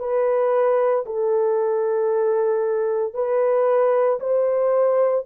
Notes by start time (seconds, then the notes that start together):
0.00 B4
1.06 A4
3.14 B4
4.21 C5